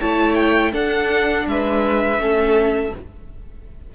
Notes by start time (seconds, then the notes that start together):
0.00 A3 E4 C#5 A5
0.35 G5
0.71 D4 A4 F#5
1.46 G#3 B4 E5
2.18 A3 C#4 A4